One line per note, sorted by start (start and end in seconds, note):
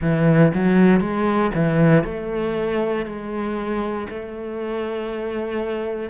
0.01 0.52 E3
0.54 1.00 F#3
1.00 1.51 G#3
1.54 2.03 E3
2.03 3.05 A3
3.05 4.07 G#3
4.09 6.09 A3